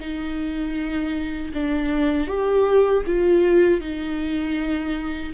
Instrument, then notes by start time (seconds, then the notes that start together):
viola
0.00 D#4
1.54 D4
2.28 G4
3.07 F4
3.81 D#4